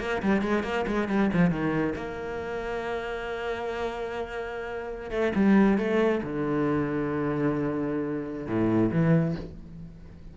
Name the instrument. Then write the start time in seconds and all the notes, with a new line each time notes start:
cello
0.00 A#3
0.23 G3
0.42 G#3
0.63 A#3
0.87 G#3
1.08 G3
1.33 F3
1.50 D#3
1.96 A#3
5.11 A3
5.35 G3
5.78 A3
6.23 D3
8.47 A2
8.92 E3